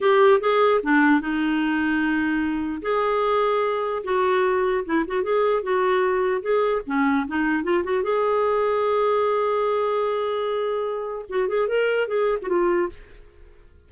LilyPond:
\new Staff \with { instrumentName = "clarinet" } { \time 4/4 \tempo 4 = 149 g'4 gis'4 d'4 dis'4~ | dis'2. gis'4~ | gis'2 fis'2 | e'8 fis'8 gis'4 fis'2 |
gis'4 cis'4 dis'4 f'8 fis'8 | gis'1~ | gis'1 | fis'8 gis'8 ais'4 gis'8. fis'16 f'4 | }